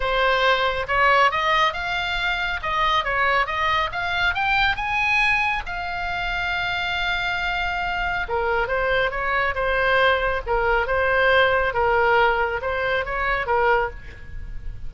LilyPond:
\new Staff \with { instrumentName = "oboe" } { \time 4/4 \tempo 4 = 138 c''2 cis''4 dis''4 | f''2 dis''4 cis''4 | dis''4 f''4 g''4 gis''4~ | gis''4 f''2.~ |
f''2. ais'4 | c''4 cis''4 c''2 | ais'4 c''2 ais'4~ | ais'4 c''4 cis''4 ais'4 | }